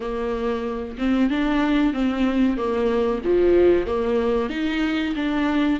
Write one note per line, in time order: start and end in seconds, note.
0.00 0.97 A#3
0.97 1.30 C4
1.30 1.93 D4
1.93 2.57 C4
2.57 3.21 A#3
3.24 3.86 F3
3.86 4.49 A#3
4.49 5.14 D#4
5.15 5.80 D4